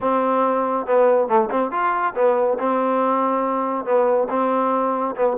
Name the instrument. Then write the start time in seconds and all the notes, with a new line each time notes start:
trombone
0.00 C4
0.86 B3
1.27 A3
1.51 C4
1.71 F4
2.15 B3
2.59 C4
3.85 B3
4.29 C4
5.15 B3